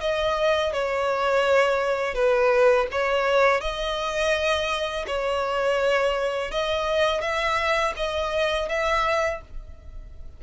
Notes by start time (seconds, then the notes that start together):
0.00 D#5
0.73 C#5
2.14 B4
2.91 C#5
3.61 D#5
5.06 C#5
6.51 D#5
7.21 E5
7.96 D#5
8.69 E5